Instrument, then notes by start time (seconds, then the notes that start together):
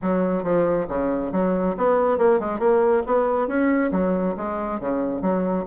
bassoon
0.02 F#3
0.43 F3
0.88 C#3
1.32 F#3
1.77 B3
2.17 A#3
2.39 G#3
2.59 A#3
3.06 B3
3.47 C#4
3.91 F#3
4.36 G#3
4.79 C#3
5.21 F#3